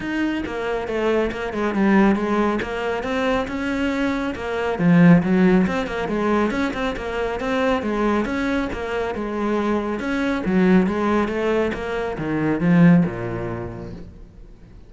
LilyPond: \new Staff \with { instrumentName = "cello" } { \time 4/4 \tempo 4 = 138 dis'4 ais4 a4 ais8 gis8 | g4 gis4 ais4 c'4 | cis'2 ais4 f4 | fis4 c'8 ais8 gis4 cis'8 c'8 |
ais4 c'4 gis4 cis'4 | ais4 gis2 cis'4 | fis4 gis4 a4 ais4 | dis4 f4 ais,2 | }